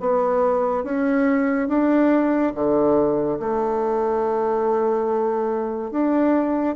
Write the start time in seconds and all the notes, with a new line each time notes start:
0.00 B3
0.84 C#4
1.68 D4
2.54 D3
3.40 A3
5.91 D4